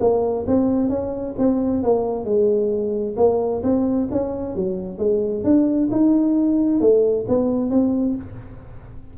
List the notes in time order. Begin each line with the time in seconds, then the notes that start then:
0.00 A#3
0.47 C4
0.89 C#4
1.38 C4
1.83 A#3
2.24 G#3
3.17 A#3
3.63 C4
4.11 C#4
4.55 F#3
4.98 G#3
5.44 D4
5.91 D#4
6.80 A3
7.28 B3
7.70 C4